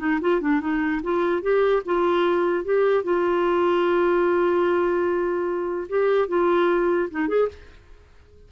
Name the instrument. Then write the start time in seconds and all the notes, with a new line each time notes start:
clarinet
0.00 D#4
0.21 F4
0.41 D4
0.61 D#4
1.03 F4
1.42 G4
1.86 F4
2.65 G4
3.04 F4
5.89 G4
6.29 F4
7.11 D#4
7.28 G#4